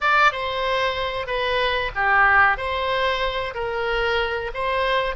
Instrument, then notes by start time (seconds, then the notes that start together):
oboe
0.00 D5
0.32 C5
1.26 B4
1.95 G4
2.57 C5
3.54 A#4
4.53 C5